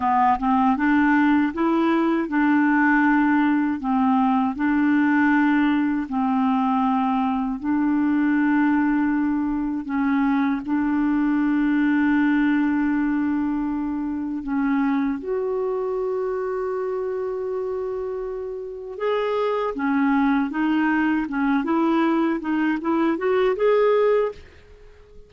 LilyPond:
\new Staff \with { instrumentName = "clarinet" } { \time 4/4 \tempo 4 = 79 b8 c'8 d'4 e'4 d'4~ | d'4 c'4 d'2 | c'2 d'2~ | d'4 cis'4 d'2~ |
d'2. cis'4 | fis'1~ | fis'4 gis'4 cis'4 dis'4 | cis'8 e'4 dis'8 e'8 fis'8 gis'4 | }